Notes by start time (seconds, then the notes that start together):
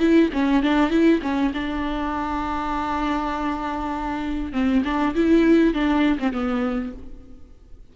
0.00 E4
0.33 C#4
0.63 D4
0.91 E4
1.22 C#4
1.54 D4
4.53 C4
4.85 D4
5.15 E4
5.74 D4
6.19 C4
6.33 B3